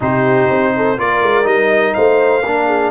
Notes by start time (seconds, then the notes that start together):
0.00 C3 D#4 G4 C5
0.49 C4
0.76 A4
0.97 A#3 F4 A#4 D5
1.21 G#3
1.43 G3 D#4 D#5
1.93 A3 C5 F5
2.42 A#3 D4 A#4
2.67 G#4